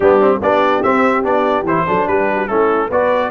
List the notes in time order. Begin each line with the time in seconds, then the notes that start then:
0.00 G3 B3 D4 G4
0.20 C4
0.41 B3 D4 G4 D5
0.82 C4 E5
1.23 B3 D4 D5
1.63 E3 E4 C5
1.86 F#3 D4 A4
2.07 G3 G4 B4
2.36 F#4
2.47 A3 C#4 E4 A4
2.88 B3 F#4 B4 D5